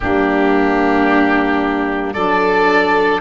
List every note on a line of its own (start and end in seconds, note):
0.00 2.15 G3
0.00 2.15 A#3
0.00 2.13 D4
0.00 2.13 G4
2.13 3.21 F#3
2.13 3.21 D4
2.13 3.21 A4
2.13 3.21 D5